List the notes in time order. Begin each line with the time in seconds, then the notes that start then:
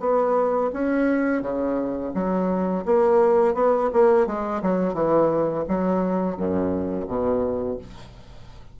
0.00 B3
0.73 C#4
1.42 C#3
2.14 F#3
2.86 A#3
3.55 B3
3.93 A#3
4.27 G#3
4.62 F#3
4.94 E3
5.68 F#3
6.37 F#2
7.07 B2